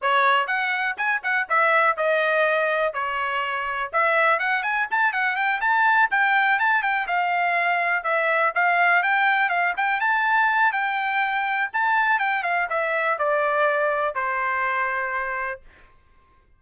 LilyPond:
\new Staff \with { instrumentName = "trumpet" } { \time 4/4 \tempo 4 = 123 cis''4 fis''4 gis''8 fis''8 e''4 | dis''2 cis''2 | e''4 fis''8 gis''8 a''8 fis''8 g''8 a''8~ | a''8 g''4 a''8 g''8 f''4.~ |
f''8 e''4 f''4 g''4 f''8 | g''8 a''4. g''2 | a''4 g''8 f''8 e''4 d''4~ | d''4 c''2. | }